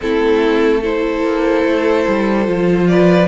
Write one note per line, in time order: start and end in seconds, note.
0.01 1.23 A3
0.01 0.83 C4
0.01 0.80 E4
0.01 0.83 A4
0.80 2.44 E4
0.80 2.85 A4
0.80 2.87 C5
1.23 1.64 A#3
1.64 2.05 A3
2.07 2.48 G3
2.44 3.27 F3
2.44 3.27 F4
2.87 3.27 B4
2.87 3.27 D5